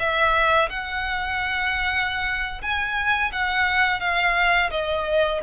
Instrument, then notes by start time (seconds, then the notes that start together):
violin
0.00 E5
0.70 F#5
2.62 G#5
3.33 F#5
4.01 F5
4.71 D#5